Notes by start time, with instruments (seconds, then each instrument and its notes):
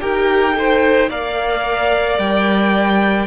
0.00 cello D#4, viola G4, violin A#4 G5
0.53 viola A4, violin C5
1.09 cello A#3, viola A#4, violin D5 F5
2.18 cello G3, violin G5